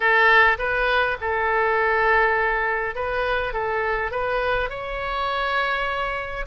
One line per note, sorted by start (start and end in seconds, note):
0.00 0.57 A4
0.58 1.17 B4
1.20 2.95 A4
2.95 3.53 B4
3.53 4.11 A4
4.11 4.69 B4
4.69 6.45 C#5